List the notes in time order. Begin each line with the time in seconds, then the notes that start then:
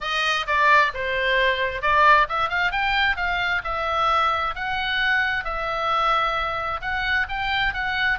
0.00 D#5
0.46 D5
0.94 C5
1.81 D5
2.28 E5
2.49 F5
2.71 G5
3.16 F5
3.64 E5
4.55 F#5
5.44 E5
6.81 F#5
7.28 G5
7.73 F#5